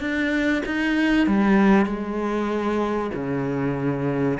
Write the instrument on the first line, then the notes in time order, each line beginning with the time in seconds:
cello
0.00 D4
0.65 D#4
1.27 G3
1.86 G#3
3.14 C#3